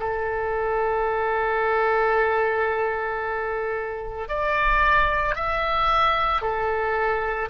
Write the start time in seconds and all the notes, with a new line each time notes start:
0.00 A4
4.29 D5
5.36 E5
6.42 A4